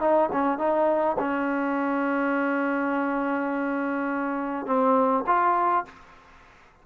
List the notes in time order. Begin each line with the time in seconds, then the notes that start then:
0.00 D#4
0.32 C#4
0.58 D#4
1.19 C#4
4.66 C4
5.27 F4